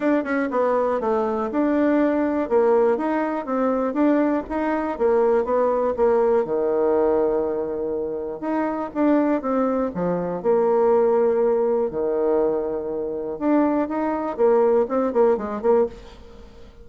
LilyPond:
\new Staff \with { instrumentName = "bassoon" } { \time 4/4 \tempo 4 = 121 d'8 cis'8 b4 a4 d'4~ | d'4 ais4 dis'4 c'4 | d'4 dis'4 ais4 b4 | ais4 dis2.~ |
dis4 dis'4 d'4 c'4 | f4 ais2. | dis2. d'4 | dis'4 ais4 c'8 ais8 gis8 ais8 | }